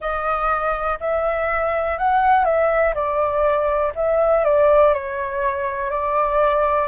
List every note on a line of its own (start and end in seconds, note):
0.00 0.98 D#5
1.00 1.98 E5
1.98 2.45 F#5
2.45 2.94 E5
2.94 3.93 D5
3.95 4.44 E5
4.44 4.93 D5
4.93 5.90 C#5
5.90 6.87 D5